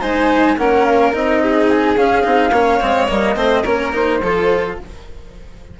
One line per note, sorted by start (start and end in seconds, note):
0.00 0.57 G#3
0.00 0.57 D#4
0.00 0.56 C5
0.00 0.57 G#5
0.57 1.13 A#3
0.57 1.12 C#4
0.57 1.41 A#4
0.57 0.85 F#5
0.85 1.13 F5
1.12 1.96 C4
1.12 1.96 D#4
1.12 1.69 D#5
1.41 2.51 G#4
1.69 1.96 G#5
1.96 2.24 C#4
1.96 2.23 C#4
1.96 3.09 F5
2.23 2.51 C4
2.23 2.51 D#4
2.51 2.79 A#3
2.51 2.80 C#4
2.51 3.36 C#5
2.80 3.10 G#3
2.80 3.08 C4
3.08 3.35 G3
3.08 3.35 A#3
3.08 3.64 D#5
3.35 3.63 A3
3.35 3.63 C4
3.35 3.62 C5
3.62 4.21 A#3
3.62 3.92 C#4
3.62 4.18 A#4
3.62 3.92 C#5
3.92 4.20 D#4
3.92 4.79 C5
4.22 4.78 F3
4.22 4.80 F4
4.22 4.79 A4